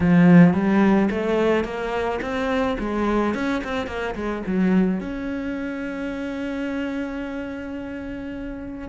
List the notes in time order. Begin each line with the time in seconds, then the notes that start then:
0.00 F3
0.53 G3
1.10 A3
1.64 A#3
2.21 C4
2.79 G#3
3.34 C#4
3.64 C4
3.86 A#3
4.15 G#3
4.46 F#3
5.00 C#4